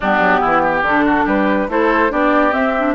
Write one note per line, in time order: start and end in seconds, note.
0.00 0.19 G3
0.00 0.84 B3
0.00 0.40 D4
0.00 0.86 G4
0.19 0.40 F#3
0.40 0.82 E3
0.40 0.61 E4
0.63 1.05 G4
0.82 1.24 D3
0.82 1.69 D4
0.82 1.27 A4
1.05 1.25 F#4
1.25 1.68 G3
1.25 1.67 G4
1.25 1.69 B4
1.68 2.10 A3
1.68 2.10 E4
1.68 2.11 A4
1.68 2.11 C5
2.10 2.53 B3
2.10 2.51 D4
2.10 2.95 G4
2.10 2.53 D5
2.51 2.72 C4
2.51 2.95 C4
2.51 2.95 E5
2.78 2.95 D4